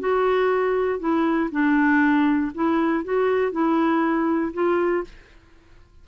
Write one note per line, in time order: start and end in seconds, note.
0.00 1.00 F#4
1.00 1.50 E4
1.52 2.53 D4
2.55 3.05 E4
3.05 3.52 F#4
3.52 4.53 E4
4.54 5.04 F4